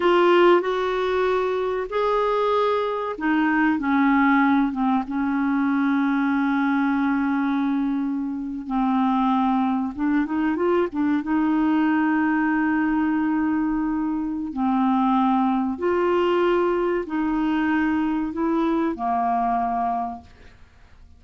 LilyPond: \new Staff \with { instrumentName = "clarinet" } { \time 4/4 \tempo 4 = 95 f'4 fis'2 gis'4~ | gis'4 dis'4 cis'4. c'8 | cis'1~ | cis'4.~ cis'16 c'2 d'16~ |
d'16 dis'8 f'8 d'8 dis'2~ dis'16~ | dis'2. c'4~ | c'4 f'2 dis'4~ | dis'4 e'4 ais2 | }